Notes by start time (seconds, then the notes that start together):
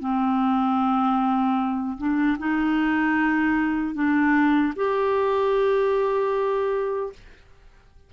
0.00 C4
1.98 D4
2.39 D#4
3.95 D4
4.76 G4